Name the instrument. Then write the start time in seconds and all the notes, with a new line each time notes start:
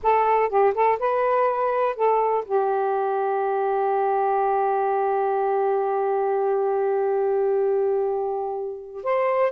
saxophone
0.02 A4
0.49 G4
0.74 A4
0.99 B4
1.95 A4
2.45 G4
9.03 C5